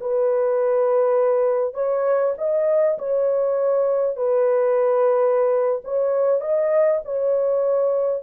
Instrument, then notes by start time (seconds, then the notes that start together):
horn
0.00 B4
1.74 C#5
2.38 D#5
2.98 C#5
4.16 B4
5.84 C#5
6.40 D#5
7.04 C#5